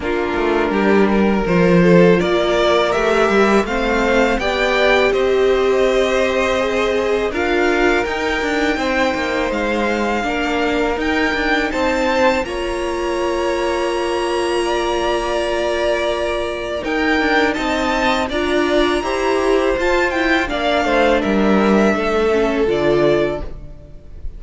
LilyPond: <<
  \new Staff \with { instrumentName = "violin" } { \time 4/4 \tempo 4 = 82 ais'2 c''4 d''4 | e''4 f''4 g''4 dis''4~ | dis''2 f''4 g''4~ | g''4 f''2 g''4 |
a''4 ais''2.~ | ais''2. g''4 | a''4 ais''2 a''8 g''8 | f''4 e''2 d''4 | }
  \new Staff \with { instrumentName = "violin" } { \time 4/4 f'4 g'8 ais'4 a'8 ais'4~ | ais'4 c''4 d''4 c''4~ | c''2 ais'2 | c''2 ais'2 |
c''4 cis''2. | d''2. ais'4 | dis''4 d''4 c''2 | d''8 c''8 ais'4 a'2 | }
  \new Staff \with { instrumentName = "viola" } { \time 4/4 d'2 f'2 | g'4 c'4 g'2~ | g'4 gis'4 f'4 dis'4~ | dis'2 d'4 dis'4~ |
dis'4 f'2.~ | f'2. dis'4~ | dis'4 f'4 g'4 f'8 e'8 | d'2~ d'8 cis'8 f'4 | }
  \new Staff \with { instrumentName = "cello" } { \time 4/4 ais8 a8 g4 f4 ais4 | a8 g8 a4 b4 c'4~ | c'2 d'4 dis'8 d'8 | c'8 ais8 gis4 ais4 dis'8 d'8 |
c'4 ais2.~ | ais2. dis'8 d'8 | c'4 d'4 e'4 f'4 | ais8 a8 g4 a4 d4 | }
>>